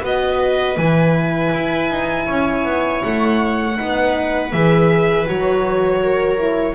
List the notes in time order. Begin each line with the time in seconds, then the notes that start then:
0.00 B3 F#4 B4 D#5
0.77 E3 E4 G#5
1.53 E4
1.90 D#4
2.26 C#4 C#5
2.64 B3
3.02 A3 F#5
3.75 B3 D#4 B4
4.52 E3 G#4 E5
5.26 F#3 F#4 C#5
6.02 A#4
6.37 E4